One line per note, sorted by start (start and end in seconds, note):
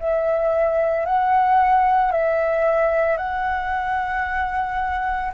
0.00 1.06 E5
1.06 2.12 F#5
2.12 3.18 E5
3.18 5.32 F#5